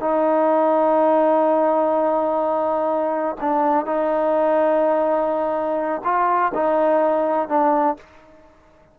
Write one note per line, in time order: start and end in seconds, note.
0.00 3.36 D#4
3.40 3.86 D4
3.86 6.02 D#4
6.04 6.52 F4
6.54 7.49 D#4
7.49 7.97 D4